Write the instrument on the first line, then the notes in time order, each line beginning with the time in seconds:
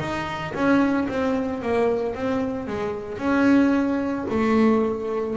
double bass
0.00 D#4
0.54 C#4
1.09 C4
1.62 A#3
2.15 C4
2.67 G#3
3.18 C#4
4.30 A3